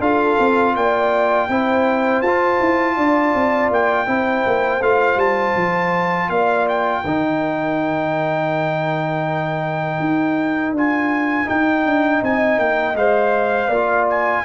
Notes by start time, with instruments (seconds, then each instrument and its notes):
0.00 tuba D4, trombone F4, horn A4, trumpet F5
0.39 tuba C4
0.76 tuba A#3, horn D5, trumpet G5
1.49 tuba C4, trombone E4, horn C5
2.22 tuba F4, trombone F4, trumpet A5
2.60 tuba E4
2.96 tuba D4, horn D5
3.35 tuba C4
3.70 tuba A#3, trumpet G5
4.07 tuba C4, trombone E4, horn C5
4.47 tuba A#3
4.81 tuba A3, trombone F4, trumpet F5
5.16 tuba G3, trumpet A5
5.56 tuba F3
6.30 tuba A#3, horn D5, trumpet F5
6.69 trumpet G5
7.04 tuba D#3, trombone D#4, horn A#4
10.00 tuba D#4
10.72 tuba D4, trombone F4, trumpet G#5
11.46 trombone D#4, tuba D#4, trumpet G5
11.85 tuba D4
12.22 tuba C4, horn D#5, trumpet G#5
12.59 tuba A#3, trumpet G5
12.95 tuba G#3, trombone C5, trumpet F5
13.68 tuba A#3, trombone F4, horn D5
14.10 trumpet G#5